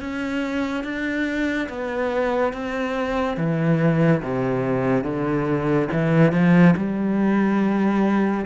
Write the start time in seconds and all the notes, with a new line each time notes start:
0.00 C#4
0.84 D4
1.69 B3
2.53 C4
3.37 E3
4.23 C3
5.04 D3
5.92 E3
6.32 F3
6.77 G3